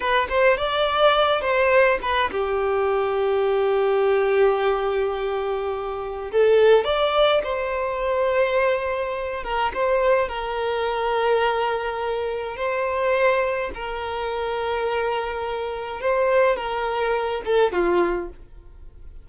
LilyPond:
\new Staff \with { instrumentName = "violin" } { \time 4/4 \tempo 4 = 105 b'8 c''8 d''4. c''4 b'8 | g'1~ | g'2. a'4 | d''4 c''2.~ |
c''8 ais'8 c''4 ais'2~ | ais'2 c''2 | ais'1 | c''4 ais'4. a'8 f'4 | }